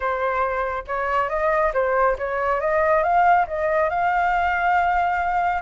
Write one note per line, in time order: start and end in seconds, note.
0.00 0.84 C5
0.87 1.29 C#5
1.29 1.72 D#5
1.73 2.16 C5
2.18 2.60 C#5
2.60 3.03 D#5
3.03 3.46 F5
3.47 3.89 D#5
3.89 5.61 F5